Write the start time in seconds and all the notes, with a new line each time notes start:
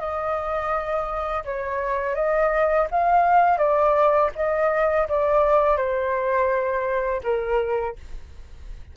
0.00 D#5
1.45 C#5
2.16 D#5
2.91 F5
3.58 D5
4.36 D#5
5.09 D5
5.77 C5
7.24 A#4